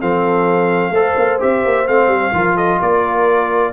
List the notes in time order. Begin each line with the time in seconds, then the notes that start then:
0.00 F3 C4 A4 F5
0.91 A3 A4 C5
1.17 A#3
1.40 C4 G4 E5
1.65 A#3
1.87 A3 C4 F5
2.08 G3
2.33 F3 F4 A#4
2.56 A4 D#5
2.80 A#3 A#4 D5